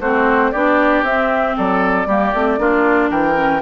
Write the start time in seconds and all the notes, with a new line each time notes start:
0.00 A3 C4 F#4 C5
0.52 B3 D4 G4 D5
1.02 C4 E5
1.57 F#3 A4 D5
2.06 G3 A#3 G4
2.34 A3 C4
2.58 A#3 D4 F4
3.10 E3 A#4 G5
3.35 C#4